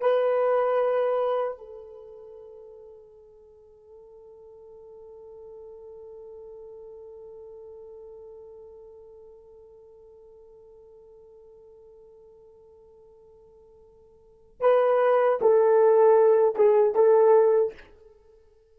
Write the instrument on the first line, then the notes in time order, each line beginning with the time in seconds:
horn
0.00 B4
1.58 A4
14.60 B4
15.41 A4
16.55 G#4
16.94 A4